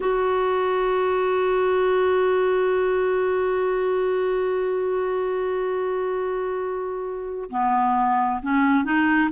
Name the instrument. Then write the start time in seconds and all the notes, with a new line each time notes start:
clarinet
0.00 F#4
7.50 B3
8.42 C#4
8.84 D#4